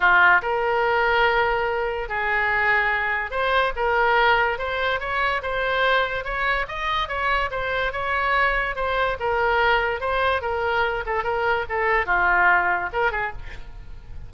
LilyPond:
\new Staff \with { instrumentName = "oboe" } { \time 4/4 \tempo 4 = 144 f'4 ais'2.~ | ais'4 gis'2. | c''4 ais'2 c''4 | cis''4 c''2 cis''4 |
dis''4 cis''4 c''4 cis''4~ | cis''4 c''4 ais'2 | c''4 ais'4. a'8 ais'4 | a'4 f'2 ais'8 gis'8 | }